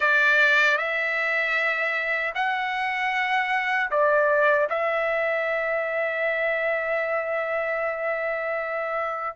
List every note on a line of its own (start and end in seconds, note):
0.00 0.77 D5
0.77 2.33 E5
2.34 3.90 F#5
3.90 4.68 D5
4.69 9.36 E5